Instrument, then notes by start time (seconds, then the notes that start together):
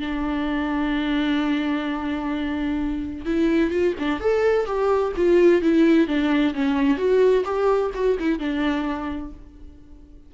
viola
0.00 D4
3.25 E4
3.71 F4
3.99 D4
4.20 A4
4.66 G4
5.16 F4
5.62 E4
6.08 D4
6.54 C#4
6.97 F#4
7.45 G4
7.95 F#4
8.19 E4
8.39 D4